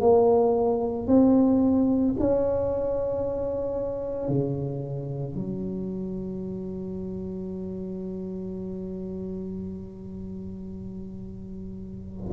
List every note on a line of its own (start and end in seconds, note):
0.00 1.07 A#3
1.07 2.14 C4
2.19 4.28 C#4
4.28 5.35 C#3
5.35 12.31 F#3